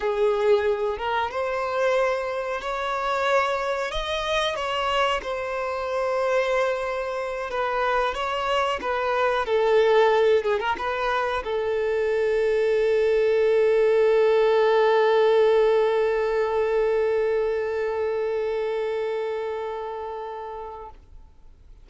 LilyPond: \new Staff \with { instrumentName = "violin" } { \time 4/4 \tempo 4 = 92 gis'4. ais'8 c''2 | cis''2 dis''4 cis''4 | c''2.~ c''8 b'8~ | b'8 cis''4 b'4 a'4. |
gis'16 ais'16 b'4 a'2~ a'8~ | a'1~ | a'1~ | a'1 | }